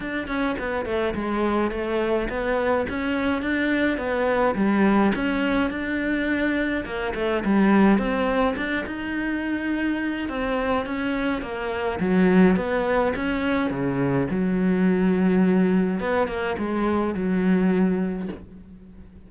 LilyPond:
\new Staff \with { instrumentName = "cello" } { \time 4/4 \tempo 4 = 105 d'8 cis'8 b8 a8 gis4 a4 | b4 cis'4 d'4 b4 | g4 cis'4 d'2 | ais8 a8 g4 c'4 d'8 dis'8~ |
dis'2 c'4 cis'4 | ais4 fis4 b4 cis'4 | cis4 fis2. | b8 ais8 gis4 fis2 | }